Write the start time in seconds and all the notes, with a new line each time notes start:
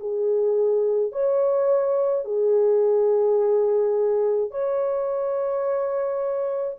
0.00 G#4
1.13 C#5
2.25 G#4
4.51 C#5